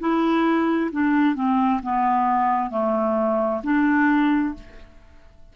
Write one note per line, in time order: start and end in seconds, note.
0.00 0.91 E4
0.92 1.35 D4
1.35 1.81 C4
1.83 2.70 B3
2.70 3.61 A3
3.64 4.55 D4